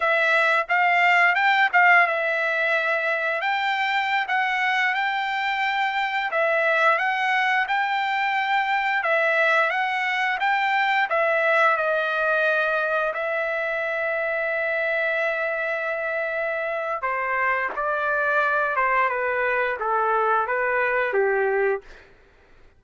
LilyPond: \new Staff \with { instrumentName = "trumpet" } { \time 4/4 \tempo 4 = 88 e''4 f''4 g''8 f''8 e''4~ | e''4 g''4~ g''16 fis''4 g''8.~ | g''4~ g''16 e''4 fis''4 g''8.~ | g''4~ g''16 e''4 fis''4 g''8.~ |
g''16 e''4 dis''2 e''8.~ | e''1~ | e''4 c''4 d''4. c''8 | b'4 a'4 b'4 g'4 | }